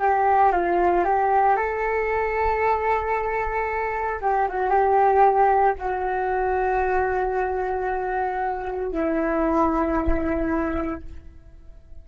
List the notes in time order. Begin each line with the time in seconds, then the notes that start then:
0.00 G4
0.53 F4
1.05 G4
1.57 A4
4.22 G4
4.49 F#4
4.70 G4
5.79 F#4
8.92 E4